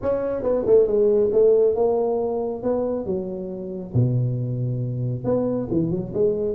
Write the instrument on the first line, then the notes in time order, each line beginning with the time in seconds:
tuba
0.01 C#4
0.42 B3
0.66 A3
0.87 G#3
1.32 A3
1.75 A#3
2.63 B3
3.05 F#3
3.94 B2
5.24 B3
5.71 E3
5.90 F#3
6.14 G#3